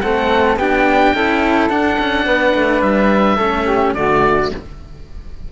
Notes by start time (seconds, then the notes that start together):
0.00 A3 C4 A4 F#5
0.56 B3 D4 G4 G5
1.14 C#4 E4 A4
1.70 D4 F#5
1.99 C#4
2.26 B3 B4
2.55 A3
2.82 G3 E5
3.36 A3 C#4 A4
3.66 G4
3.94 D3 A3 F#4 D5